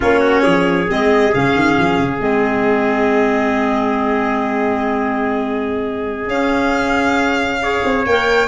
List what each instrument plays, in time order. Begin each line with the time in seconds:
0.00 tuba A#3, clarinet C#4, trumpet F4, violin C#5
0.20 trumpet F#4
0.43 tuba F3, trumpet G#4
0.87 tuba G#3, clarinet C4, violin D#5
1.33 tuba C#3, clarinet C#4, violin F5
1.55 tuba D#3
1.78 tuba F3
1.99 tuba C#3
2.18 tuba G#3, clarinet C4, violin D#5
6.27 tuba C#4, clarinet C#4, violin F5
7.61 clarinet G#4, trumpet C#5
7.84 tuba C4
8.06 tuba A#3, clarinet A#4, violin G5